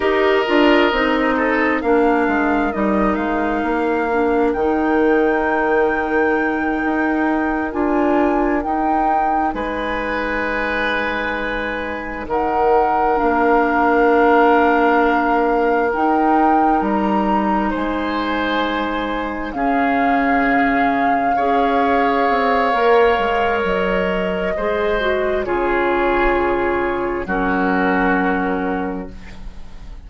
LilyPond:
<<
  \new Staff \with { instrumentName = "flute" } { \time 4/4 \tempo 4 = 66 dis''2 f''4 dis''8 f''8~ | f''4 g''2.~ | g''8 gis''4 g''4 gis''4.~ | gis''4. fis''4 f''4.~ |
f''4. g''4 ais''4 gis''8~ | gis''4. f''2~ f''8~ | f''2 dis''2 | cis''2 ais'2 | }
  \new Staff \with { instrumentName = "oboe" } { \time 4/4 ais'4. a'8 ais'2~ | ais'1~ | ais'2~ ais'8 b'4.~ | b'4. ais'2~ ais'8~ |
ais'2.~ ais'8 c''8~ | c''4. gis'2 cis''8~ | cis''2. c''4 | gis'2 fis'2 | }
  \new Staff \with { instrumentName = "clarinet" } { \time 4/4 g'8 f'8 dis'4 d'4 dis'4~ | dis'8 d'8 dis'2.~ | dis'8 f'4 dis'2~ dis'8~ | dis'2~ dis'8 d'4.~ |
d'4. dis'2~ dis'8~ | dis'4. cis'2 gis'8~ | gis'4 ais'2 gis'8 fis'8 | f'2 cis'2 | }
  \new Staff \with { instrumentName = "bassoon" } { \time 4/4 dis'8 d'8 c'4 ais8 gis8 g8 gis8 | ais4 dis2~ dis8 dis'8~ | dis'8 d'4 dis'4 gis4.~ | gis4. dis4 ais4.~ |
ais4. dis'4 g4 gis8~ | gis4. cis2 cis'8~ | cis'8 c'8 ais8 gis8 fis4 gis4 | cis2 fis2 | }
>>